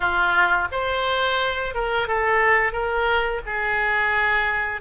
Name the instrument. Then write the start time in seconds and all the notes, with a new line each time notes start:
oboe
0.00 F4
0.71 C5
1.74 A#4
2.07 A4
2.72 A#4
3.46 G#4